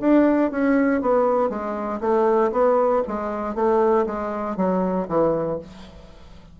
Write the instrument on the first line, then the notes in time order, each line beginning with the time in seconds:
bassoon
0.00 D4
0.51 C#4
1.01 B3
1.49 G#3
2.00 A3
2.51 B3
3.07 G#3
3.55 A3
4.06 G#3
4.56 F#3
5.08 E3